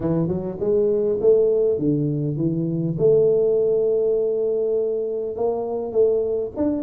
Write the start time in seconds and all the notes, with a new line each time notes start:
0.00 E3
0.28 F#3
0.59 G#3
1.20 A3
1.78 D3
2.37 E3
2.98 A3
5.36 A#3
5.92 A3
6.56 D4